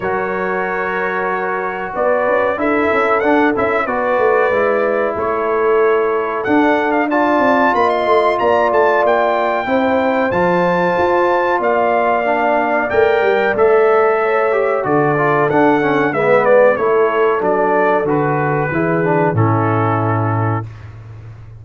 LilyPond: <<
  \new Staff \with { instrumentName = "trumpet" } { \time 4/4 \tempo 4 = 93 cis''2. d''4 | e''4 fis''8 e''8 d''2 | cis''2 fis''8. f''16 a''4 | b''16 c'''8. ais''8 a''8 g''2 |
a''2 f''2 | g''4 e''2 d''4 | fis''4 e''8 d''8 cis''4 d''4 | b'2 a'2 | }
  \new Staff \with { instrumentName = "horn" } { \time 4/4 ais'2. b'4 | a'2 b'2 | a'2. d''4 | dis''4 d''2 c''4~ |
c''2 d''2~ | d''2 cis''4 a'4~ | a'4 b'4 a'2~ | a'4 gis'4 e'2 | }
  \new Staff \with { instrumentName = "trombone" } { \time 4/4 fis'1 | e'4 d'8 e'8 fis'4 e'4~ | e'2 d'4 f'4~ | f'2. e'4 |
f'2. d'4 | ais'4 a'4. g'8 fis'8 f'8 | d'8 cis'8 b4 e'4 d'4 | fis'4 e'8 d'8 cis'2 | }
  \new Staff \with { instrumentName = "tuba" } { \time 4/4 fis2. b8 cis'8 | d'8 cis'8 d'8 cis'8 b8 a8 gis4 | a2 d'4. c'8 | ais8 a8 ais8 a8 ais4 c'4 |
f4 f'4 ais2 | a8 g8 a2 d4 | d'4 gis4 a4 fis4 | d4 e4 a,2 | }
>>